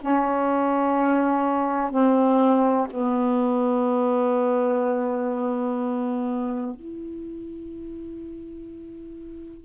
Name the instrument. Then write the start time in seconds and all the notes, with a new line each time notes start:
saxophone
0.00 C#4
1.90 C4
2.90 B3
6.75 E4